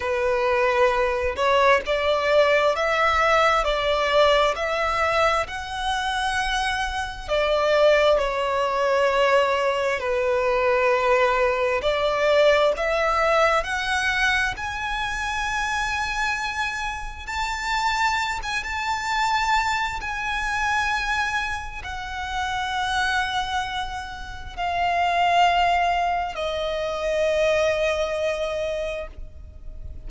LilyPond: \new Staff \with { instrumentName = "violin" } { \time 4/4 \tempo 4 = 66 b'4. cis''8 d''4 e''4 | d''4 e''4 fis''2 | d''4 cis''2 b'4~ | b'4 d''4 e''4 fis''4 |
gis''2. a''4~ | a''16 gis''16 a''4. gis''2 | fis''2. f''4~ | f''4 dis''2. | }